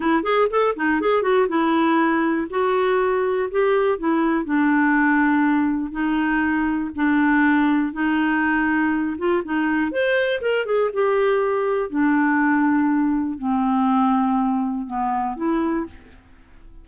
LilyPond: \new Staff \with { instrumentName = "clarinet" } { \time 4/4 \tempo 4 = 121 e'8 gis'8 a'8 dis'8 gis'8 fis'8 e'4~ | e'4 fis'2 g'4 | e'4 d'2. | dis'2 d'2 |
dis'2~ dis'8 f'8 dis'4 | c''4 ais'8 gis'8 g'2 | d'2. c'4~ | c'2 b4 e'4 | }